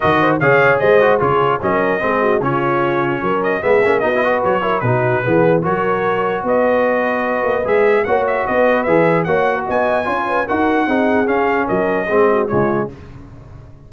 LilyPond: <<
  \new Staff \with { instrumentName = "trumpet" } { \time 4/4 \tempo 4 = 149 dis''4 f''4 dis''4 cis''4 | dis''2 cis''2~ | cis''8 dis''8 e''4 dis''4 cis''4 | b'2 cis''2 |
dis''2. e''4 | fis''8 e''8 dis''4 e''4 fis''4 | gis''2 fis''2 | f''4 dis''2 cis''4 | }
  \new Staff \with { instrumentName = "horn" } { \time 4/4 ais'8 c''8 cis''4 c''4 gis'4 | ais'4 gis'8 fis'8 f'2 | ais'4 gis'4 fis'8 b'4 ais'8 | fis'4 gis'4 ais'2 |
b'1 | cis''4 b'2 cis''8. ais'16 | dis''4 cis''8 b'8 ais'4 gis'4~ | gis'4 ais'4 gis'8 fis'8 f'4 | }
  \new Staff \with { instrumentName = "trombone" } { \time 4/4 fis'4 gis'4. fis'8 f'4 | cis'4 c'4 cis'2~ | cis'4 b8 cis'8 dis'16 e'16 fis'4 e'8 | dis'4 b4 fis'2~ |
fis'2. gis'4 | fis'2 gis'4 fis'4~ | fis'4 f'4 fis'4 dis'4 | cis'2 c'4 gis4 | }
  \new Staff \with { instrumentName = "tuba" } { \time 4/4 dis4 cis4 gis4 cis4 | fis4 gis4 cis2 | fis4 gis8 ais8 b4 fis4 | b,4 e4 fis2 |
b2~ b8 ais8 gis4 | ais4 b4 e4 ais4 | b4 cis'4 dis'4 c'4 | cis'4 fis4 gis4 cis4 | }
>>